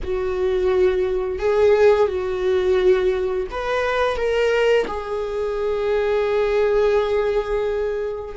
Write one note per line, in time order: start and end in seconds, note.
0.03 1.38 F#4
1.38 2.07 G#4
2.07 3.47 F#4
3.51 4.16 B4
4.16 4.86 A#4
4.87 8.36 G#4